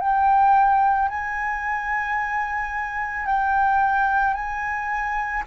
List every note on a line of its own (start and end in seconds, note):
0.00 1.09 G5
1.09 3.26 G#5
3.26 4.34 G5
4.34 5.43 G#5